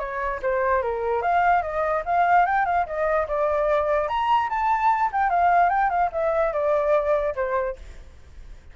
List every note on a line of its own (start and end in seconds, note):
0.00 0.41 C#5
0.42 0.83 C5
0.83 1.22 A#4
1.22 1.63 F5
1.63 2.04 D#5
2.06 2.46 F5
2.46 2.66 G5
2.66 2.86 F5
2.87 3.28 D#5
3.28 4.09 D5
4.09 4.50 A#5
4.50 5.11 A5
5.13 5.30 G5
5.30 5.70 F5
5.70 5.90 G5
5.90 6.11 F5
6.13 6.53 E5
6.53 7.35 D5
7.36 7.77 C5